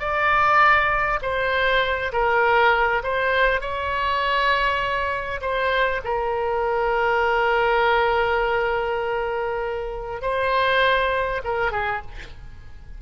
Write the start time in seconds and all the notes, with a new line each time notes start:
0.00 D5
1.22 C5
2.13 A#4
3.04 C5
3.61 C#5
5.41 C5
6.04 A#4
10.22 C5
11.44 A#4
11.72 G#4